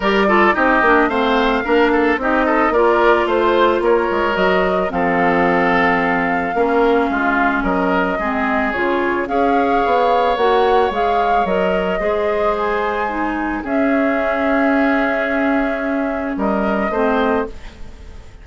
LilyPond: <<
  \new Staff \with { instrumentName = "flute" } { \time 4/4 \tempo 4 = 110 d''4 dis''4 f''2 | dis''4 d''4 c''4 cis''4 | dis''4 f''2.~ | f''2 dis''2 |
cis''4 f''2 fis''4 | f''4 dis''2 gis''4~ | gis''4 e''2.~ | e''2 dis''2 | }
  \new Staff \with { instrumentName = "oboe" } { \time 4/4 ais'8 a'8 g'4 c''4 ais'8 a'8 | g'8 a'8 ais'4 c''4 ais'4~ | ais'4 a'2. | ais'4 f'4 ais'4 gis'4~ |
gis'4 cis''2.~ | cis''2 c''2~ | c''4 gis'2.~ | gis'2 ais'4 c''4 | }
  \new Staff \with { instrumentName = "clarinet" } { \time 4/4 g'8 f'8 dis'8 d'8 c'4 d'4 | dis'4 f'2. | fis'4 c'2. | cis'2. c'4 |
f'4 gis'2 fis'4 | gis'4 ais'4 gis'2 | dis'4 cis'2.~ | cis'2. c'4 | }
  \new Staff \with { instrumentName = "bassoon" } { \time 4/4 g4 c'8 ais8 a4 ais4 | c'4 ais4 a4 ais8 gis8 | fis4 f2. | ais4 gis4 fis4 gis4 |
cis4 cis'4 b4 ais4 | gis4 fis4 gis2~ | gis4 cis'2.~ | cis'2 g4 a4 | }
>>